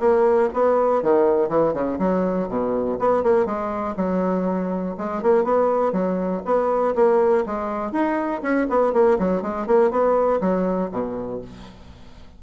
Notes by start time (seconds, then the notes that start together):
0.00 A#3
0.54 B3
1.03 D#3
1.49 E3
1.74 C#3
1.99 F#3
2.49 B2
3.00 B3
3.24 A#3
3.46 G#3
3.97 F#3
4.98 G#3
5.23 A#3
5.44 B3
5.93 F#3
6.46 B3
6.96 A#3
7.47 G#3
7.92 D#4
8.43 C#4
8.70 B3
8.93 A#3
9.19 F#3
9.43 G#3
9.67 A#3
9.92 B3
10.41 F#3
10.92 B2